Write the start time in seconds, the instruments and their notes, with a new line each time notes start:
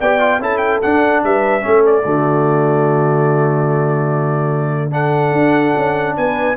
0.00 tuba B3, trombone G4, horn D5, trumpet G5
0.20 trombone F4
0.40 tuba C#4, trombone E4, horn A4, trumpet A5
0.58 trumpet G5
0.82 trombone D4, tuba D4, trumpet F#5
1.24 tuba G3, horn B4, trumpet E5
1.62 tuba A3, trombone C#4, horn A4
1.86 trumpet D5
2.04 tuba D3, trombone A3, horn F#4
4.91 trombone D4, horn A4, trumpet F#5
5.33 tuba D4
5.77 tuba C#4
6.17 tuba B3, horn B4, trumpet G#5